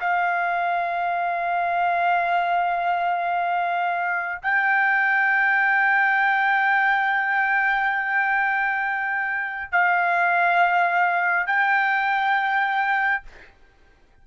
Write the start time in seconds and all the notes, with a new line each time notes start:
0.00 F5
4.42 G5
9.72 F5
11.46 G5